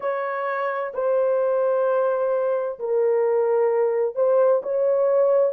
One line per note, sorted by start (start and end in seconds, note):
0.00 0.92 C#5
0.94 2.78 C5
2.79 4.15 A#4
4.15 4.61 C5
4.62 5.52 C#5